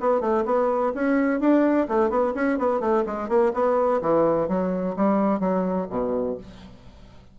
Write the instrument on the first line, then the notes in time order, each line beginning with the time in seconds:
bassoon
0.00 B3
0.20 A3
0.45 B3
0.95 C#4
1.40 D4
1.88 A3
2.10 B3
2.34 C#4
2.58 B3
2.80 A3
3.06 G#3
3.29 A#3
3.54 B3
4.01 E3
4.48 F#3
4.96 G3
5.40 F#3
5.90 B2